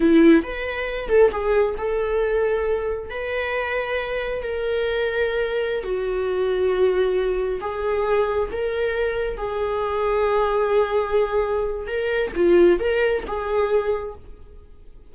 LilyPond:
\new Staff \with { instrumentName = "viola" } { \time 4/4 \tempo 4 = 136 e'4 b'4. a'8 gis'4 | a'2. b'4~ | b'2 ais'2~ | ais'4~ ais'16 fis'2~ fis'8.~ |
fis'4~ fis'16 gis'2 ais'8.~ | ais'4~ ais'16 gis'2~ gis'8.~ | gis'2. ais'4 | f'4 ais'4 gis'2 | }